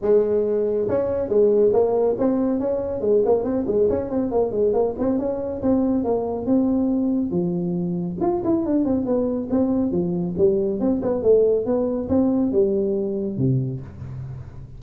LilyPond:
\new Staff \with { instrumentName = "tuba" } { \time 4/4 \tempo 4 = 139 gis2 cis'4 gis4 | ais4 c'4 cis'4 gis8 ais8 | c'8 gis8 cis'8 c'8 ais8 gis8 ais8 c'8 | cis'4 c'4 ais4 c'4~ |
c'4 f2 f'8 e'8 | d'8 c'8 b4 c'4 f4 | g4 c'8 b8 a4 b4 | c'4 g2 c4 | }